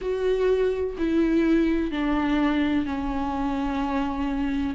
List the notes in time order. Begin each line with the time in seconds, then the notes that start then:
0.01 F#4
0.98 E4
1.90 D4
2.85 C#4